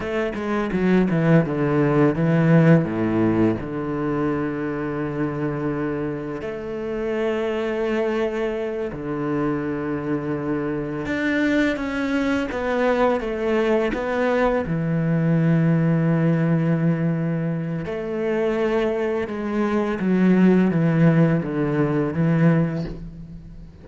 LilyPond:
\new Staff \with { instrumentName = "cello" } { \time 4/4 \tempo 4 = 84 a8 gis8 fis8 e8 d4 e4 | a,4 d2.~ | d4 a2.~ | a8 d2. d'8~ |
d'8 cis'4 b4 a4 b8~ | b8 e2.~ e8~ | e4 a2 gis4 | fis4 e4 d4 e4 | }